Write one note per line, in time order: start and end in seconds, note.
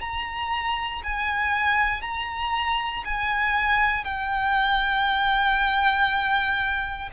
0.00 1.02 A#5
1.03 2.01 G#5
2.01 3.03 A#5
3.05 4.04 G#5
4.04 7.09 G5